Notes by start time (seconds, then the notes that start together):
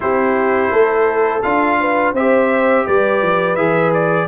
0.00 C4 E4 G4 C5
0.70 A3 A4
1.42 D4 F4 F5
1.80 B4
2.13 C4 G4 C5 E5
2.85 G3 B4 D5
3.22 F3
3.55 E3 G#4 E5
3.93 D5